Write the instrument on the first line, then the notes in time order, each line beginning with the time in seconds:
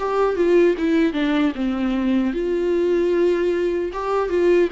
viola
0.00 G4
0.36 F4
0.78 E4
1.13 D4
1.55 C4
2.34 F4
3.93 G4
4.30 F4